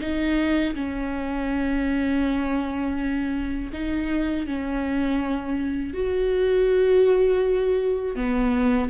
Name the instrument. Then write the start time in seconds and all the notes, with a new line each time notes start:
viola
0.00 D#4
0.74 C#4
3.72 D#4
4.46 C#4
5.94 F#4
8.15 B3